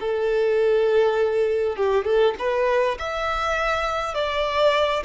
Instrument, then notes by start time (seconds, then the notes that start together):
violin
0.00 A4
1.76 G4
2.05 A4
2.39 B4
2.99 E5
4.14 D5